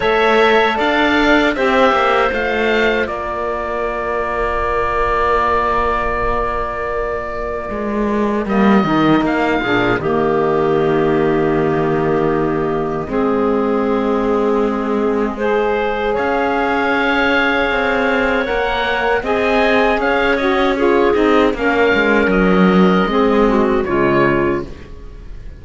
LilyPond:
<<
  \new Staff \with { instrumentName = "oboe" } { \time 4/4 \tempo 4 = 78 e''4 f''4 e''4 f''4 | d''1~ | d''2. dis''4 | f''4 dis''2.~ |
dis''1~ | dis''4 f''2. | fis''4 gis''4 f''8 dis''8 cis''8 dis''8 | f''4 dis''2 cis''4 | }
  \new Staff \with { instrumentName = "clarinet" } { \time 4/4 cis''4 d''4 c''2 | ais'1~ | ais'1~ | ais'8 gis'8 g'2.~ |
g'4 gis'2. | c''4 cis''2.~ | cis''4 dis''4 cis''4 gis'4 | ais'2 gis'8 fis'8 f'4 | }
  \new Staff \with { instrumentName = "saxophone" } { \time 4/4 a'2 g'4 f'4~ | f'1~ | f'2. ais8 dis'8~ | dis'8 d'8 ais2.~ |
ais4 c'2. | gis'1 | ais'4 gis'4. fis'8 f'8 dis'8 | cis'2 c'4 gis4 | }
  \new Staff \with { instrumentName = "cello" } { \time 4/4 a4 d'4 c'8 ais8 a4 | ais1~ | ais2 gis4 g8 dis8 | ais8 ais,8 dis2.~ |
dis4 gis2.~ | gis4 cis'2 c'4 | ais4 c'4 cis'4. c'8 | ais8 gis8 fis4 gis4 cis4 | }
>>